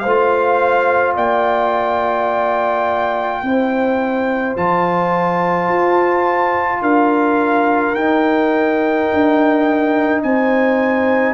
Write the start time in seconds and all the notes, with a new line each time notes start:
0.00 A3 C5 F5
0.06 F4
1.16 A#3 D5 G5
3.43 C4 E4 C5
4.57 F3 F4 A5
5.68 F4
6.82 D4 A#4 F5
7.95 D#4 G5
9.13 D4
10.23 C4 C5 G#5